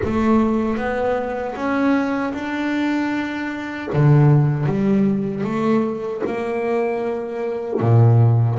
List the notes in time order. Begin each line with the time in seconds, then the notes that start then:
0.04 A3
0.77 B3
1.55 C#4
2.33 D4
3.93 D3
4.65 G3
5.44 A3
6.26 A#3
7.80 A#2